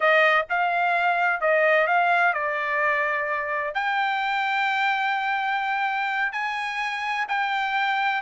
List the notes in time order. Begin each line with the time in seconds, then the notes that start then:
0.00 D#5
0.49 F5
1.41 D#5
1.87 F5
2.33 D5
3.74 G5
6.32 G#5
7.28 G5